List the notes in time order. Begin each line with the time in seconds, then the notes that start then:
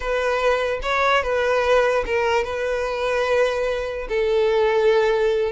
0.00 B4
0.82 C#5
1.22 B4
2.06 A#4
2.44 B4
4.09 A4